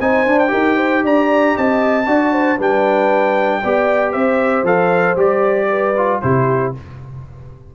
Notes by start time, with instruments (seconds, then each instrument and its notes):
0.00 tuba C4, trombone D#4, horn C5, trumpet G#5
0.26 tuba D4, trombone D4
0.39 trumpet G5
0.48 tuba D#4, trombone G4, horn A#4
0.76 horn C5
1.03 tuba D4, horn D5, trumpet A#5
1.55 tuba C4, horn D#5, trumpet A5
2.06 tuba D4, trombone F#4, horn D5
2.32 horn C5
2.56 tuba G3, trombone D4, horn B4, trumpet G5
3.62 tuba B3, trombone G4, horn D5
4.12 tuba C4, horn C5, trumpet E5
4.63 tuba F3, trombone A4, trumpet F5
5.16 tuba G3, trombone G4, trumpet D5
5.69 horn B4
5.97 trombone F4
6.21 tuba C3, trombone E4, horn G4, trumpet C5